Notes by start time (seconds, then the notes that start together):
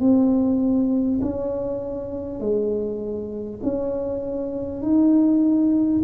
0.00 C4
1.22 C#4
2.40 G#3
3.63 C#4
4.82 D#4